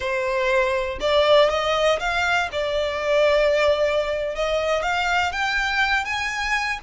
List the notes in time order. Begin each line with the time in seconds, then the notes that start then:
0.00 C5
1.00 D5
1.49 D#5
1.99 F5
2.52 D5
4.35 D#5
4.82 F5
5.31 G5
6.04 G#5